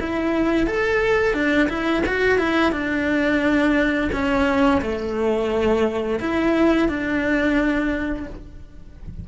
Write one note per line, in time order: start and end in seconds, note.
0.00 0.67 E4
0.67 1.34 A4
1.34 1.68 D4
1.69 2.03 E4
2.06 2.39 F#4
2.39 2.72 E4
2.72 4.10 D4
4.13 4.82 C#4
4.82 6.19 A3
6.20 6.89 E4
6.89 8.27 D4